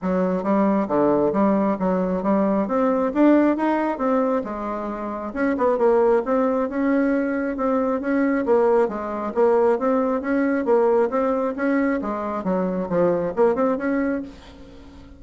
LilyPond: \new Staff \with { instrumentName = "bassoon" } { \time 4/4 \tempo 4 = 135 fis4 g4 d4 g4 | fis4 g4 c'4 d'4 | dis'4 c'4 gis2 | cis'8 b8 ais4 c'4 cis'4~ |
cis'4 c'4 cis'4 ais4 | gis4 ais4 c'4 cis'4 | ais4 c'4 cis'4 gis4 | fis4 f4 ais8 c'8 cis'4 | }